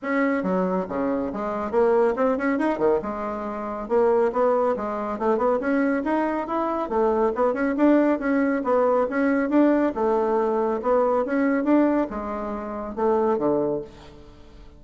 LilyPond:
\new Staff \with { instrumentName = "bassoon" } { \time 4/4 \tempo 4 = 139 cis'4 fis4 cis4 gis4 | ais4 c'8 cis'8 dis'8 dis8 gis4~ | gis4 ais4 b4 gis4 | a8 b8 cis'4 dis'4 e'4 |
a4 b8 cis'8 d'4 cis'4 | b4 cis'4 d'4 a4~ | a4 b4 cis'4 d'4 | gis2 a4 d4 | }